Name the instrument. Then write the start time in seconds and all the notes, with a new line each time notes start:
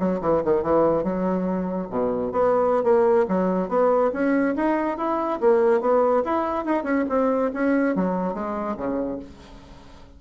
bassoon
0.00 F#3
0.21 E3
0.45 D#3
0.63 E3
1.04 F#3
1.90 B2
2.32 B3
2.84 A#3
3.29 F#3
3.69 B3
4.13 C#4
4.56 D#4
4.98 E4
5.41 A#3
5.81 B3
6.25 E4
6.65 D#4
6.84 C#4
7.10 C4
7.54 C#4
7.96 F#3
8.34 G#3
8.77 C#3